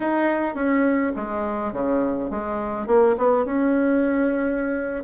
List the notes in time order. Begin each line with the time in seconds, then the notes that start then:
0.00 D#4
0.54 C#4
1.15 G#3
1.73 C#3
2.30 G#3
2.86 A#3
3.17 B3
3.45 C#4